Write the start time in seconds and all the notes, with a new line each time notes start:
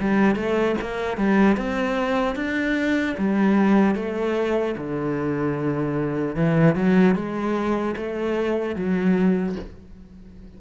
0.00 G3
0.35 A3
0.81 A#3
1.17 G3
1.57 C4
2.36 D4
3.18 G3
3.95 A3
4.77 D3
6.36 E3
6.75 F#3
7.15 G#3
7.96 A3
8.76 F#3